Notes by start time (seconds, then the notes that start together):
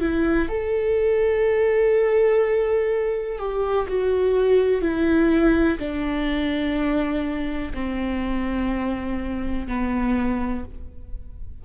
0.00 E4
0.48 A4
3.39 G4
3.88 F#4
4.81 E4
5.78 D4
7.74 C4
9.67 B3